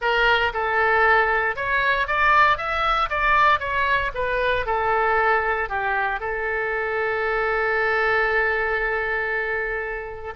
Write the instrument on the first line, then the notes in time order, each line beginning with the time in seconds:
oboe
0.01 A#4
0.53 A4
1.56 C#5
2.07 D5
2.57 E5
3.09 D5
3.59 C#5
4.14 B4
4.66 A4
5.69 G4
6.20 A4